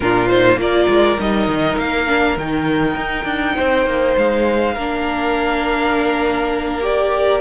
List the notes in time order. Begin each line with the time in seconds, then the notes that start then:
0.00 A#2 D4 F4 A#4
0.28 D#4 C5
0.56 A#3 F4 A#4 D5
0.88 G#3
1.18 G3 D#4 D#5
1.47 D#3
1.77 A#3 F5
2.06 D4
2.36 D#3 D#4 G5
2.96 D#4
3.24 D4
3.56 C4 C5
3.85 A#3
4.17 G#3 F5
4.74 A#3 D4 A#4
6.81 G4 D5